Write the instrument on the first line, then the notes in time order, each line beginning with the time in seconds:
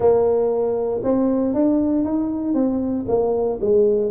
tuba
0.00 A#3
1.03 C4
1.54 D4
2.05 D#4
2.54 C4
3.08 A#3
3.61 G#3